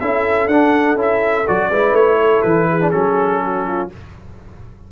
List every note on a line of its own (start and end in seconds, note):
0.00 0.48 C#4
0.00 0.50 E4
0.00 1.70 A4
0.00 0.48 E5
0.48 0.96 D4
0.48 0.97 D4
0.48 0.97 F#5
0.96 1.44 C#4
0.96 1.46 E4
1.02 1.48 E5
1.48 1.70 F#3
1.48 1.72 F#4
1.48 1.96 D5
1.70 1.92 G#3
1.70 2.81 E4
1.70 2.19 B4
1.92 2.41 A3
1.92 2.42 C#5
2.21 2.69 A4
2.42 2.93 E3
2.42 2.91 B4
2.69 3.42 G#4
2.81 2.92 D4
2.91 3.91 F#3
2.91 3.90 C#4
2.91 3.89 A4
3.43 3.67 F#4
3.67 3.92 F4